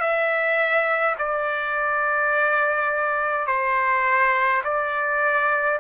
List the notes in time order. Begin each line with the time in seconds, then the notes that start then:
0.00 E5
1.18 D5
3.47 C5
4.64 D5